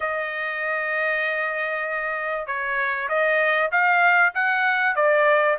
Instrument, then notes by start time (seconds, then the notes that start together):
trumpet
0.00 D#5
2.46 C#5
3.08 D#5
3.71 F5
4.34 F#5
4.95 D5